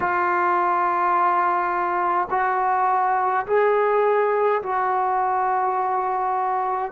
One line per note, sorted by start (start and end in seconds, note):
0.00 2.28 F4
2.30 3.46 F#4
3.46 4.62 G#4
4.62 6.91 F#4